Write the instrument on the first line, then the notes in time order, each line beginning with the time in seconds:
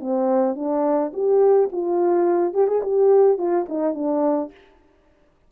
horn
0.00 C4
0.56 D4
1.13 G4
1.72 F4
2.54 G4
2.67 G#4
2.83 G4
3.38 F4
3.69 D#4
3.94 D4